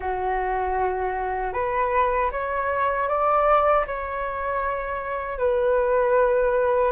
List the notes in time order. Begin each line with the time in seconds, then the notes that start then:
0.00 F#4
1.53 B4
2.31 C#5
3.08 D5
3.86 C#5
5.38 B4